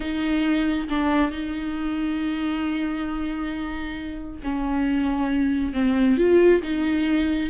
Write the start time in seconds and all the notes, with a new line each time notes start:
0.00 D#4
0.89 D4
1.31 D#4
4.43 C#4
5.73 C4
6.17 F4
6.62 D#4